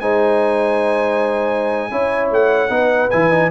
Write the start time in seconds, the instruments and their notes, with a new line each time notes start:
0.00 tuba G#3, trombone D#4, horn C5, trumpet G#5
1.91 tuba C#4, trombone E4, horn C#5
2.31 tuba A3, trumpet F#5
2.69 tuba B3, trombone D#4, horn B4
3.10 tuba E3, trombone E4, trumpet G#5
3.31 trombone D#4